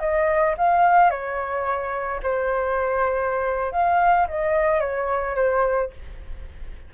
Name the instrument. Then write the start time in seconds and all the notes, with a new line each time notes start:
flute
0.00 D#5
0.58 F5
1.10 C#5
2.23 C5
3.72 F5
4.28 D#5
4.80 C#5
5.35 C5